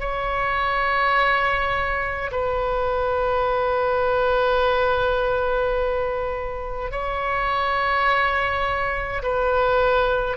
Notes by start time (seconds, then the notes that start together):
0.00 C#5
2.32 B4
6.92 C#5
9.23 B4